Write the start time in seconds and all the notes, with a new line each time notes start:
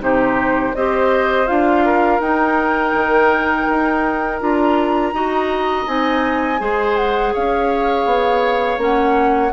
0.00 C3 D#4 G4 C5
0.75 C4 G4 C5 D#5
1.47 D4 F4 F5
1.85 A#4
2.20 D#4 G5
2.94 D#3
3.69 D#4
4.40 D4 F4 A#5
5.13 D#4 F#4 D#5
5.86 C4 D#4 G#5
6.59 G#3 G#4 C5
6.96 F#5
7.34 C#4 C#5 F5
8.06 B3
8.78 A#3 C#4 F#5